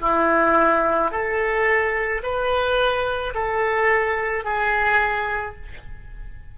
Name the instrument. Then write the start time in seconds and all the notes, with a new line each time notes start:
oboe
0.00 E4
1.11 A4
2.22 B4
3.34 A4
4.44 G#4